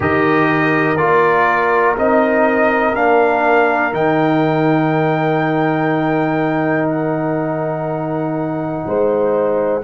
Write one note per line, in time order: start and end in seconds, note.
0.00 0.97 D#3
0.00 0.96 G4
0.00 8.85 A#4
0.00 0.97 D#5
0.97 1.95 A#3
0.97 1.96 F4
0.97 1.95 D5
1.97 2.94 C4
1.97 2.94 D#4
1.97 2.95 D#5
2.94 3.92 A#3
2.94 3.92 D4
2.94 3.93 F5
3.92 8.84 D#3
3.92 9.82 D#4
3.92 6.89 G5
6.89 9.83 F#5
8.86 9.83 G#3
8.86 9.83 C5